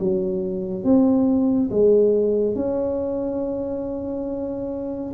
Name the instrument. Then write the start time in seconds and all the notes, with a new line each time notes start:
tuba
0.00 F#3
0.85 C4
1.71 G#3
2.56 C#4